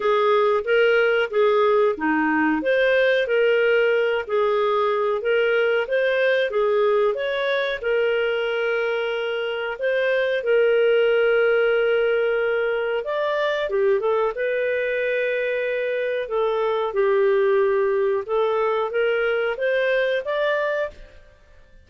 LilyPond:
\new Staff \with { instrumentName = "clarinet" } { \time 4/4 \tempo 4 = 92 gis'4 ais'4 gis'4 dis'4 | c''4 ais'4. gis'4. | ais'4 c''4 gis'4 cis''4 | ais'2. c''4 |
ais'1 | d''4 g'8 a'8 b'2~ | b'4 a'4 g'2 | a'4 ais'4 c''4 d''4 | }